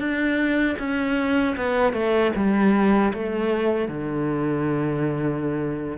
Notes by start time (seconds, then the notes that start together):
0.00 D4
0.79 C#4
1.57 B3
1.93 A3
2.36 G3
3.14 A3
3.89 D3